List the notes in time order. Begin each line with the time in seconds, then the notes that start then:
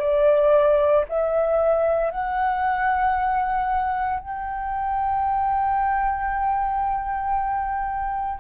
0.00 D5
1.10 E5
2.11 F#5
4.20 G5